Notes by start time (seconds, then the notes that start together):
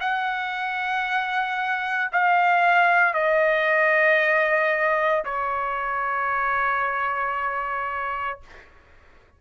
0.00 F#5
2.12 F5
3.13 D#5
5.24 C#5